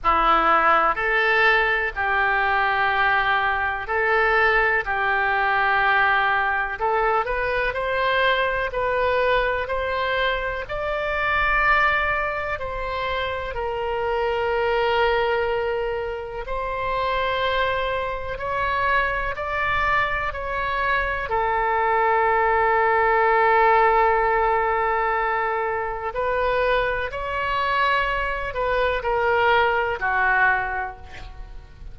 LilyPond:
\new Staff \with { instrumentName = "oboe" } { \time 4/4 \tempo 4 = 62 e'4 a'4 g'2 | a'4 g'2 a'8 b'8 | c''4 b'4 c''4 d''4~ | d''4 c''4 ais'2~ |
ais'4 c''2 cis''4 | d''4 cis''4 a'2~ | a'2. b'4 | cis''4. b'8 ais'4 fis'4 | }